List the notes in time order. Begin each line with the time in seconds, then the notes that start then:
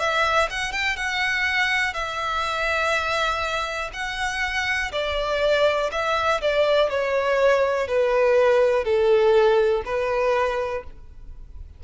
0.00 E5
0.51 F#5
0.72 G5
0.97 F#5
1.94 E5
3.94 F#5
4.93 D5
5.92 E5
6.42 D5
6.90 C#5
7.88 B4
8.85 A4
9.86 B4